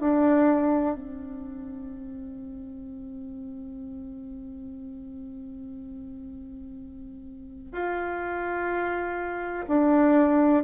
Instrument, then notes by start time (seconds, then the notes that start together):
bassoon
0.00 D4
0.95 C4
7.72 F4
9.68 D4